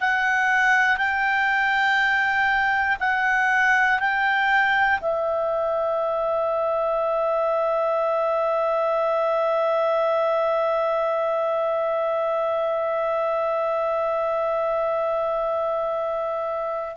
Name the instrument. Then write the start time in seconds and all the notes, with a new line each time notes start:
clarinet
0.00 F#5
0.97 G5
2.99 F#5
3.99 G5
5.00 E5